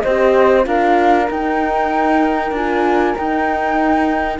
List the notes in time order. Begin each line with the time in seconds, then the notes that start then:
0.00 C4 C5 D#5
0.06 G4
0.63 D4 F4 A#4 F5
1.29 D#4 G5
2.51 D4 F4 G#5
3.16 D#4 G5